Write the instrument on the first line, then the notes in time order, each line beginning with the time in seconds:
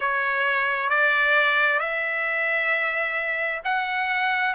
trumpet
0.00 C#5
0.89 D5
1.79 E5
3.64 F#5